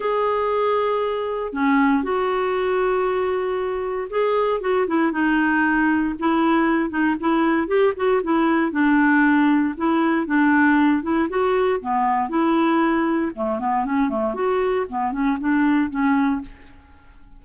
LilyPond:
\new Staff \with { instrumentName = "clarinet" } { \time 4/4 \tempo 4 = 117 gis'2. cis'4 | fis'1 | gis'4 fis'8 e'8 dis'2 | e'4. dis'8 e'4 g'8 fis'8 |
e'4 d'2 e'4 | d'4. e'8 fis'4 b4 | e'2 a8 b8 cis'8 a8 | fis'4 b8 cis'8 d'4 cis'4 | }